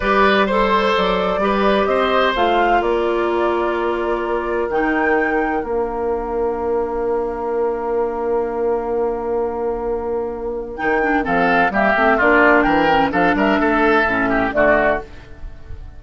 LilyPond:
<<
  \new Staff \with { instrumentName = "flute" } { \time 4/4 \tempo 4 = 128 d''4 c''4 d''2 | dis''4 f''4 d''2~ | d''2 g''2 | f''1~ |
f''1~ | f''2. g''4 | f''4 e''4 d''4 g''4 | f''8 e''2~ e''8 d''4 | }
  \new Staff \with { instrumentName = "oboe" } { \time 4/4 b'4 c''2 b'4 | c''2 ais'2~ | ais'1~ | ais'1~ |
ais'1~ | ais'1 | a'4 g'4 f'4 ais'4 | a'8 ais'8 a'4. g'8 fis'4 | }
  \new Staff \with { instrumentName = "clarinet" } { \time 4/4 g'4 a'2 g'4~ | g'4 f'2.~ | f'2 dis'2 | d'1~ |
d'1~ | d'2. dis'8 d'8 | c'4 ais8 c'8 d'4. cis'8 | d'2 cis'4 a4 | }
  \new Staff \with { instrumentName = "bassoon" } { \time 4/4 g2 fis4 g4 | c'4 a4 ais2~ | ais2 dis2 | ais1~ |
ais1~ | ais2. dis4 | f4 g8 a8 ais4 e4 | f8 g8 a4 a,4 d4 | }
>>